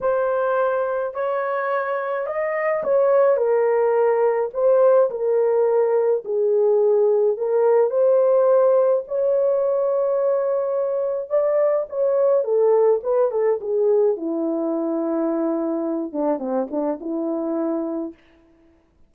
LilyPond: \new Staff \with { instrumentName = "horn" } { \time 4/4 \tempo 4 = 106 c''2 cis''2 | dis''4 cis''4 ais'2 | c''4 ais'2 gis'4~ | gis'4 ais'4 c''2 |
cis''1 | d''4 cis''4 a'4 b'8 a'8 | gis'4 e'2.~ | e'8 d'8 c'8 d'8 e'2 | }